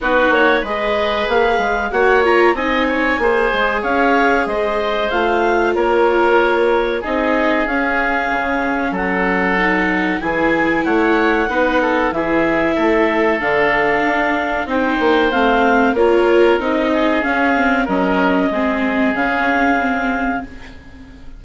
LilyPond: <<
  \new Staff \with { instrumentName = "clarinet" } { \time 4/4 \tempo 4 = 94 b'8 cis''8 dis''4 f''4 fis''8 ais''8 | gis''2 f''4 dis''4 | f''4 cis''2 dis''4 | f''2 fis''2 |
gis''4 fis''2 e''4~ | e''4 f''2 g''4 | f''4 cis''4 dis''4 f''4 | dis''2 f''2 | }
  \new Staff \with { instrumentName = "oboe" } { \time 4/4 fis'4 b'2 cis''4 | dis''8 cis''8 c''4 cis''4 c''4~ | c''4 ais'2 gis'4~ | gis'2 a'2 |
gis'4 cis''4 b'8 a'8 gis'4 | a'2. c''4~ | c''4 ais'4. gis'4. | ais'4 gis'2. | }
  \new Staff \with { instrumentName = "viola" } { \time 4/4 dis'4 gis'2 fis'8 f'8 | dis'4 gis'2. | f'2. dis'4 | cis'2. dis'4 |
e'2 dis'4 e'4~ | e'4 d'2 dis'4 | c'4 f'4 dis'4 cis'8 c'8 | cis'4 c'4 cis'4 c'4 | }
  \new Staff \with { instrumentName = "bassoon" } { \time 4/4 b8 ais8 gis4 ais8 gis8 ais4 | c'4 ais8 gis8 cis'4 gis4 | a4 ais2 c'4 | cis'4 cis4 fis2 |
e4 a4 b4 e4 | a4 d4 d'4 c'8 ais8 | a4 ais4 c'4 cis'4 | fis4 gis4 cis2 | }
>>